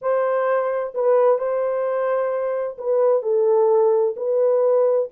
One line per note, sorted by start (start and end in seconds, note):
0.01 0.93 C5
0.94 1.38 B4
1.38 2.77 C5
2.78 3.22 B4
3.22 4.14 A4
4.16 5.09 B4